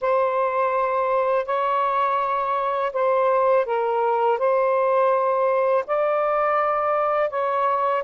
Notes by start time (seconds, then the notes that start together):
0.01 C5
1.45 C#5
2.92 C5
3.66 A#4
4.38 C5
5.86 D5
7.30 C#5